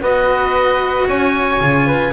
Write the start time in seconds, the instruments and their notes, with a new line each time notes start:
0.00 double bass B3, cello F#4, flute B4, oboe D#5
1.08 double bass C#4, flute C#5, oboe G#5
1.61 double bass C#3, cello F4
1.87 flute B4